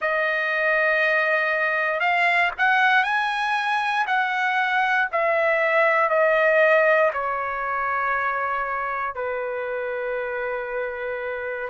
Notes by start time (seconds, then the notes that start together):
0.01 D#5
2.00 F5
2.57 F#5
3.03 G#5
4.06 F#5
5.12 E5
6.09 D#5
7.13 C#5
9.14 B4